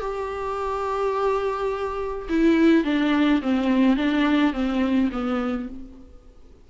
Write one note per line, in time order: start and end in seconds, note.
0.00 2.29 G4
2.30 2.85 E4
2.85 3.42 D4
3.42 3.97 C4
3.97 4.53 D4
4.53 5.10 C4
5.12 5.69 B3